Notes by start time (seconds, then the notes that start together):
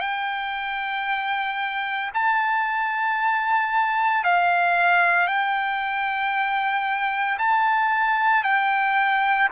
0.00 G5
2.14 A5
4.24 F5
5.27 G5
7.38 A5
8.44 G5